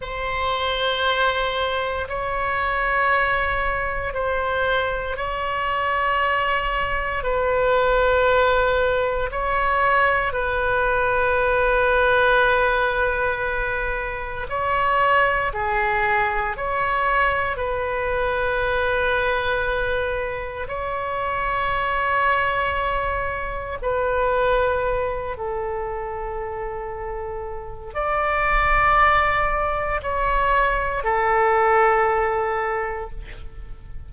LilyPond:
\new Staff \with { instrumentName = "oboe" } { \time 4/4 \tempo 4 = 58 c''2 cis''2 | c''4 cis''2 b'4~ | b'4 cis''4 b'2~ | b'2 cis''4 gis'4 |
cis''4 b'2. | cis''2. b'4~ | b'8 a'2~ a'8 d''4~ | d''4 cis''4 a'2 | }